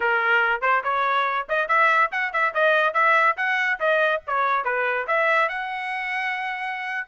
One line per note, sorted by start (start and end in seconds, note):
0.00 0.61 A#4
0.61 0.82 C5
0.83 1.47 C#5
1.48 1.68 D#5
1.68 2.10 E5
2.11 2.32 F#5
2.32 2.53 E5
2.54 2.93 D#5
2.93 3.36 E5
3.36 3.79 F#5
3.79 4.21 D#5
4.27 4.64 C#5
4.64 5.06 B4
5.07 5.49 E5
5.49 7.07 F#5